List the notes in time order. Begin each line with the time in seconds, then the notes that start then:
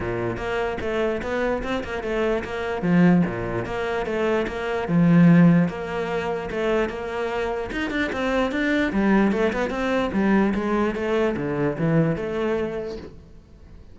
0.00 A#2
0.37 A#3
0.81 A3
1.22 B3
1.63 C4
1.84 A#3
2.03 A3
2.44 A#3
2.82 F3
3.26 A#2
3.65 A#3
4.06 A3
4.47 A#3
4.88 F3
5.68 A#3
6.50 A3
6.89 A#3
7.72 D#4
7.90 D4
8.12 C4
8.51 D4
8.92 G3
9.32 A3
9.52 B3
9.69 C4
10.12 G3
10.54 G#3
10.95 A3
11.36 D3
11.78 E3
12.16 A3